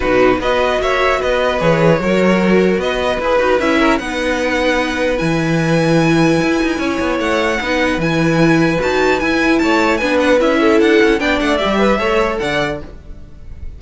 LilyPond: <<
  \new Staff \with { instrumentName = "violin" } { \time 4/4 \tempo 4 = 150 b'4 dis''4 e''4 dis''4 | cis''2. dis''4 | b'4 e''4 fis''2~ | fis''4 gis''2.~ |
gis''2 fis''2 | gis''2 a''4 gis''4 | a''4 gis''8 fis''8 e''4 fis''4 | g''8 fis''8 e''2 fis''4 | }
  \new Staff \with { instrumentName = "violin" } { \time 4/4 fis'4 b'4 cis''4 b'4~ | b'4 ais'2 b'4~ | b'4. ais'8 b'2~ | b'1~ |
b'4 cis''2 b'4~ | b'1 | cis''4 b'4. a'4. | d''4. b'8 cis''4 d''4 | }
  \new Staff \with { instrumentName = "viola" } { \time 4/4 dis'4 fis'2. | gis'4 fis'2. | gis'8 fis'8 e'4 dis'2~ | dis'4 e'2.~ |
e'2. dis'4 | e'2 fis'4 e'4~ | e'4 d'4 e'2 | d'4 g'4 a'2 | }
  \new Staff \with { instrumentName = "cello" } { \time 4/4 b,4 b4 ais4 b4 | e4 fis2 b4 | e'8 dis'8 cis'4 b2~ | b4 e2. |
e'8 dis'8 cis'8 b8 a4 b4 | e2 dis'4 e'4 | a4 b4 cis'4 d'8 cis'8 | b8 a8 g4 a4 d4 | }
>>